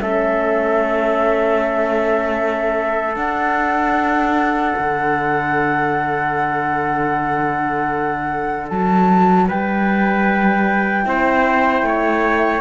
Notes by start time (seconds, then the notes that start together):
0.00 A3 C#4 A4 E5
3.14 D4 F#5
4.78 D3
8.69 F#3 A5
9.47 G3 B4 G5
11.03 C4 E4 C5
11.82 A3 C#5